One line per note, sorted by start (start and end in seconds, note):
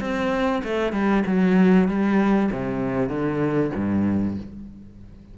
0.00 0.62 C4
0.64 0.93 A3
0.93 1.23 G3
1.26 1.88 F#3
1.88 2.50 G3
2.52 3.09 C3
3.09 3.71 D3
3.75 4.37 G2